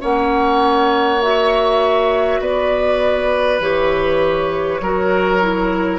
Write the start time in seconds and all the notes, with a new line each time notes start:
0.00 A#3 C#4 C#5 F#5
1.22 F#4 E5
2.40 B3 B4 D5
3.60 E3 G4 C#5
4.81 F#3 F#4 A#4
5.41 E4